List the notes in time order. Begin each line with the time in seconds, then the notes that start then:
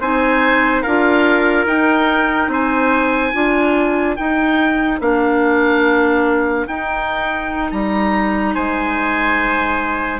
0.00 C4 D#4 C5 G#5
0.82 D4 F4 A#4 F5
1.65 D#4 G5
2.48 C4 C5 G#5
3.33 D4 F4 A#4
4.16 D#4 G5
5.00 A#3 D4 F5
6.67 D#4 G5
7.71 G3 A#5
8.54 G#3 C5 G#5